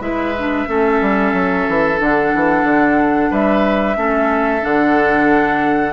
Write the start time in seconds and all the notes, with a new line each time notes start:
0.00 G#3 E4 B4 E5
0.38 D4
0.67 A3 C#4 A4
1.02 G3
1.33 F#3
1.68 E3
1.98 D3 D4 F#5
2.35 E3
2.64 D3
3.31 G3 B4 E5
3.96 A3 C#4 A4
4.61 D3 D4 F#5